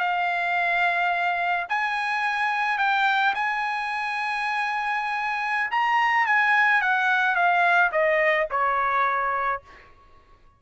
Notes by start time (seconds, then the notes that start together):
0.00 F5
1.69 G#5
2.78 G5
3.35 G#5
5.71 A#5
6.26 G#5
6.82 F#5
7.35 F5
7.92 D#5
8.51 C#5